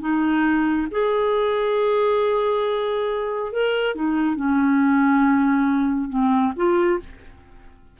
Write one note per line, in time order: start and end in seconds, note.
0.00 0.87 D#4
0.91 3.52 G#4
3.52 3.95 A#4
3.95 4.36 D#4
4.36 6.09 C#4
6.09 6.53 C4
6.56 6.99 F4